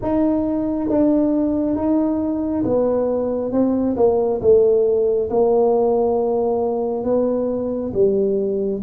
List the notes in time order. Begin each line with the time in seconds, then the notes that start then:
0.02 D#4
0.89 D4
1.76 D#4
2.64 B3
3.52 C4
3.96 A#3
4.41 A3
5.29 A#3
7.03 B3
7.93 G3